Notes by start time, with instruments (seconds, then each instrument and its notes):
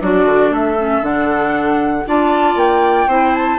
0.00 bassoon F#3, clarinet D4, viola F#4, flute D5
0.25 bassoon D3
0.50 bassoon A3, viola A4, flute E5
0.79 clarinet C#4
1.02 bassoon D3, clarinet D4, flute F#5
2.06 bassoon D4, clarinet F4, viola D5, flute A5
2.55 bassoon A#3, flute G5
3.07 bassoon C4, clarinet E4, viola C5
3.35 flute A5